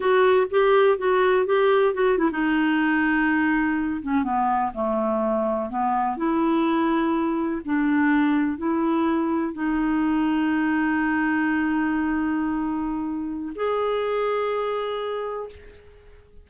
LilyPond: \new Staff \with { instrumentName = "clarinet" } { \time 4/4 \tempo 4 = 124 fis'4 g'4 fis'4 g'4 | fis'8 e'16 dis'2.~ dis'16~ | dis'16 cis'8 b4 a2 b16~ | b8. e'2. d'16~ |
d'4.~ d'16 e'2 dis'16~ | dis'1~ | dis'1 | gis'1 | }